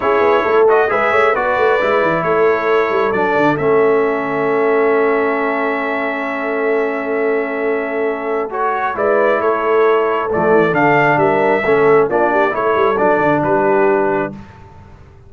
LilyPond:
<<
  \new Staff \with { instrumentName = "trumpet" } { \time 4/4 \tempo 4 = 134 cis''4. dis''8 e''4 d''4~ | d''4 cis''2 d''4 | e''1~ | e''1~ |
e''2. cis''4 | d''4 cis''2 d''4 | f''4 e''2 d''4 | cis''4 d''4 b'2 | }
  \new Staff \with { instrumentName = "horn" } { \time 4/4 gis'4 a'4 b'8 cis''8 b'4~ | b'4 a'2.~ | a'1~ | a'1~ |
a'1 | b'4 a'2.~ | a'4 ais'4 a'4 f'8 g'8 | a'2 g'2 | }
  \new Staff \with { instrumentName = "trombone" } { \time 4/4 e'4. fis'8 gis'4 fis'4 | e'2. d'4 | cis'1~ | cis'1~ |
cis'2. fis'4 | e'2. a4 | d'2 cis'4 d'4 | e'4 d'2. | }
  \new Staff \with { instrumentName = "tuba" } { \time 4/4 cis'8 b8 a4 gis8 a8 b8 a8 | gis8 e8 a4. g8 fis8 d8 | a1~ | a1~ |
a1 | gis4 a2 f8 e8 | d4 g4 a4 ais4 | a8 g8 fis8 d8 g2 | }
>>